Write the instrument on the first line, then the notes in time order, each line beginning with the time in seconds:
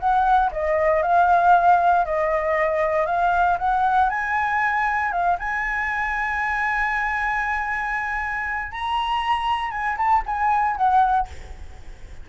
flute
0.00 F#5
0.52 D#5
1.03 F5
2.06 D#5
3.07 F5
3.59 F#5
4.10 G#5
5.13 F5
5.39 G#5
8.72 A#5
9.72 G#5
9.98 A5
10.27 G#5
10.77 F#5